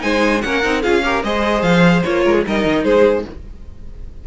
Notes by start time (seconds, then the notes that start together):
0.00 G#3 D#4 C5 G#5
0.41 A#3 C#4 A#4 F#5
0.63 C4 D#4
0.82 C#4 F4 G#4 F5
1.04 G4 A#4
1.24 G#3 G#4 C5 D#5
1.62 F3 F5
2.04 A#3 F4 C#5
2.24 G#3 A#4
2.34 G#4
2.46 G3 D#4 A#4 D#5
2.65 D#3
2.84 G#3 G#4 C5